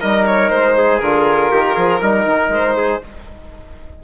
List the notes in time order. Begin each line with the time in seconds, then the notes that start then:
0.00 G3 D#4 A#4 D#5
0.26 C#5
0.50 G#3 C5
0.77 G#4
0.99 D3 F4 A#4
1.51 D#3 G4
1.74 F3 G#4
2.01 G3 D#4 A#4
2.25 D#3
2.48 G#3 C5
2.77 G#4